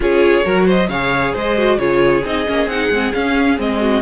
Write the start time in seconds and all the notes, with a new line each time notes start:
0.00 C#4 F4 G#4 C#5
0.43 F#3 F#4 A#4
0.65 C5 D#5
0.88 C#3 G#4 C#5 F5
1.33 G#3 C5 D#5
1.57 F#4
1.78 C#3 F4 G#4 C#5
2.25 C4 D#4 D#5
2.46 A#3 C#4
2.66 C4 D#4 F#5
2.90 G#3 C4
3.13 C#4 F5
3.57 G#3 C4 D#5
3.80 F#4